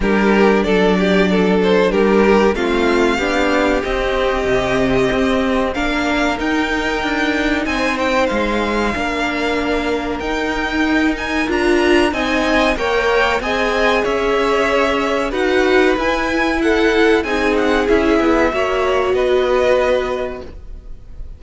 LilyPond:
<<
  \new Staff \with { instrumentName = "violin" } { \time 4/4 \tempo 4 = 94 ais'4 d''4. c''8 ais'4 | f''2 dis''2~ | dis''4 f''4 g''2 | gis''8 g''8 f''2. |
g''4. gis''8 ais''4 gis''4 | g''4 gis''4 e''2 | fis''4 gis''4 fis''4 gis''8 fis''8 | e''2 dis''2 | }
  \new Staff \with { instrumentName = "violin" } { \time 4/4 g'4 a'8 g'8 a'4 g'4 | f'4 g'2.~ | g'4 ais'2. | c''2 ais'2~ |
ais'2. dis''4 | cis''4 dis''4 cis''2 | b'2 a'4 gis'4~ | gis'4 cis''4 b'2 | }
  \new Staff \with { instrumentName = "viola" } { \time 4/4 d'1 | c'4 d'4 c'2~ | c'4 d'4 dis'2~ | dis'2 d'2 |
dis'2 f'4 dis'4 | ais'4 gis'2. | fis'4 e'2 dis'4 | e'4 fis'2. | }
  \new Staff \with { instrumentName = "cello" } { \time 4/4 g4 fis2 g4 | a4 b4 c'4 c4 | c'4 ais4 dis'4 d'4 | c'4 gis4 ais2 |
dis'2 d'4 c'4 | ais4 c'4 cis'2 | dis'4 e'2 c'4 | cis'8 b8 ais4 b2 | }
>>